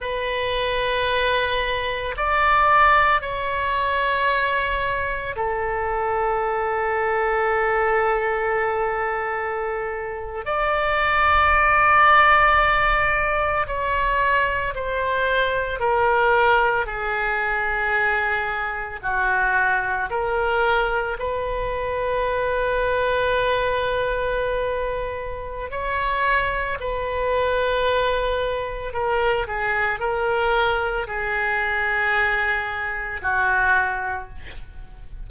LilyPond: \new Staff \with { instrumentName = "oboe" } { \time 4/4 \tempo 4 = 56 b'2 d''4 cis''4~ | cis''4 a'2.~ | a'4.~ a'16 d''2~ d''16~ | d''8. cis''4 c''4 ais'4 gis'16~ |
gis'4.~ gis'16 fis'4 ais'4 b'16~ | b'1 | cis''4 b'2 ais'8 gis'8 | ais'4 gis'2 fis'4 | }